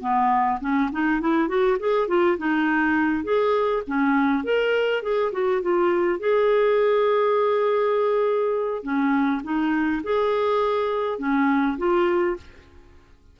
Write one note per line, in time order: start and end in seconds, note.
0.00 0.59 B3
0.60 0.90 C#4
0.91 1.20 D#4
1.20 1.48 E4
1.48 1.77 F#4
1.79 2.07 G#4
2.07 2.37 F4
2.37 3.24 D#4
3.24 3.82 G#4
3.87 4.43 C#4
4.43 5.02 A#4
5.02 5.32 G#4
5.32 5.61 F#4
5.61 6.19 F4
6.19 8.83 G#4
8.83 9.41 C#4
9.43 10.02 D#4
10.03 11.18 G#4
11.18 11.77 C#4
11.78 12.36 F4